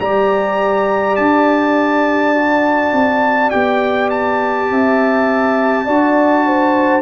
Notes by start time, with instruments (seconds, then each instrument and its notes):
0.00 tuba G3, trombone G4, horn D5, trumpet A#5
1.16 tuba D4, trumpet A5
2.34 trombone F#4
2.92 tuba C4
3.50 tuba B3, trombone G4, trumpet G5
4.10 trumpet A5
4.70 tuba C4, horn E5
5.85 tuba D4, trombone F#4, horn D5
6.46 horn C5